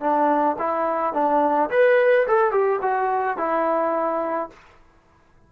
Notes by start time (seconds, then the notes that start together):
0.00 D4
0.59 E4
1.14 D4
1.71 B4
2.27 A4
2.52 G4
2.82 F#4
3.38 E4